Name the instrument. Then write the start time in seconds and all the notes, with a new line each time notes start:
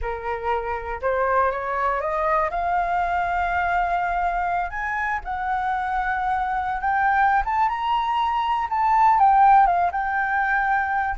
flute
0.01 A#4
1.01 C5
1.51 C#5
2.00 D#5
2.50 F5
4.70 G#5
5.24 F#5
6.81 G5
7.45 A5
7.69 A#5
8.69 A5
9.19 G5
9.66 F5
9.91 G5